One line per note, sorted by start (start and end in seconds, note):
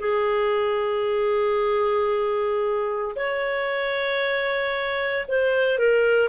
0.00 3.16 G#4
3.16 5.26 C#5
5.28 5.78 C5
5.78 6.29 A#4